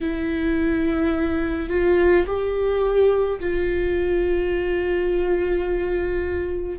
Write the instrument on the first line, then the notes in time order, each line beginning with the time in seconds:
viola
0.01 E4
1.69 F4
2.26 G4
3.40 F4